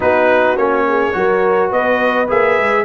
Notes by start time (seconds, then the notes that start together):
0.00 B3 D#4 F#4 B4
0.56 A#3 C#4 C#5
0.87 G#4
1.12 F#3 F#4 A#4
1.70 B3 B4 D#5
2.28 A#3 G#4 E5
2.59 G#3